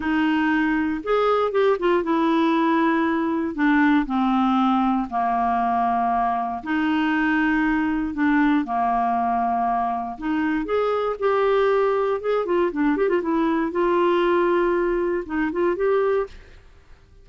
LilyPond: \new Staff \with { instrumentName = "clarinet" } { \time 4/4 \tempo 4 = 118 dis'2 gis'4 g'8 f'8 | e'2. d'4 | c'2 ais2~ | ais4 dis'2. |
d'4 ais2. | dis'4 gis'4 g'2 | gis'8 f'8 d'8 g'16 f'16 e'4 f'4~ | f'2 dis'8 f'8 g'4 | }